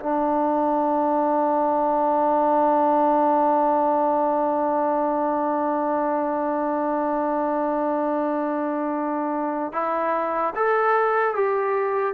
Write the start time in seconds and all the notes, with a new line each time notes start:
0.00 D4
9.73 E4
10.56 A4
11.36 G4